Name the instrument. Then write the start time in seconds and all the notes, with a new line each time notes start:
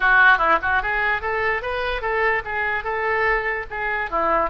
oboe
0.00 F#4
0.37 E4
0.62 F#4
0.82 G#4
1.21 A4
1.61 B4
2.01 A4
2.45 G#4
2.84 A4
3.70 G#4
4.10 E4